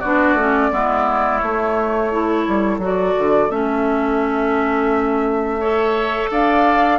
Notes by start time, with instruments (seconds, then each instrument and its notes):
0.00 bassoon B3, clarinet D4, oboe F#4, flute D5
0.35 bassoon A3, clarinet C#4
0.71 bassoon G#3, clarinet B3, oboe E4
1.39 bassoon A3, clarinet A3, flute C#5
2.11 clarinet E4, oboe A4
2.48 bassoon G3
2.79 bassoon F#3, clarinet F#4
2.85 flute D5
3.19 bassoon D3
3.50 bassoon A3, clarinet C#4, flute E5
5.60 clarinet A4, oboe C#5
6.31 bassoon D4, oboe D5, flute F5